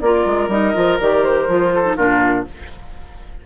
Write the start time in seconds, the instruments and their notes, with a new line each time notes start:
0.00 bassoon A#3, clarinet F4, oboe A#4, flute D5
0.26 bassoon G#3
0.48 bassoon G3, clarinet D#4, flute D#5
0.74 bassoon F3, clarinet F4
1.00 bassoon D#3, clarinet G4, flute D5
1.23 flute C5
1.48 bassoon F3, clarinet F4
1.74 oboe A4
1.84 clarinet D#4
1.96 bassoon A#2, clarinet D4, oboe F4, flute A#4